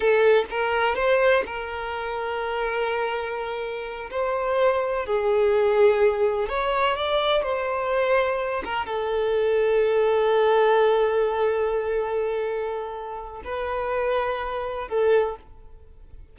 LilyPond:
\new Staff \with { instrumentName = "violin" } { \time 4/4 \tempo 4 = 125 a'4 ais'4 c''4 ais'4~ | ais'1~ | ais'8 c''2 gis'4.~ | gis'4. cis''4 d''4 c''8~ |
c''2 ais'8 a'4.~ | a'1~ | a'1 | b'2. a'4 | }